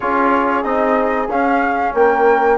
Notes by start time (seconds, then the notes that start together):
0.00 C#4 F4 G#4 C#5
0.63 C4 D#4 D#5
1.28 C#4 F5
1.93 A#3 A#4 G5